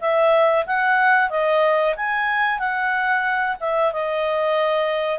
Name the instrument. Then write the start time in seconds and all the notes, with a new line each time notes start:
clarinet
0.00 E5
0.66 F#5
1.30 D#5
1.96 G#5
2.58 F#5
3.60 E5
3.92 D#5